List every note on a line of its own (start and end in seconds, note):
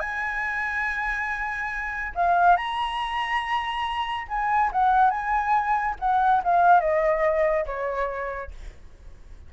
0.00 2.13 G#5
2.15 2.57 F5
2.57 4.27 A#5
4.28 4.71 G#5
4.73 5.11 F#5
5.11 5.96 G#5
6.00 6.42 F#5
6.44 6.81 F5
6.81 7.66 D#5
7.66 8.51 C#5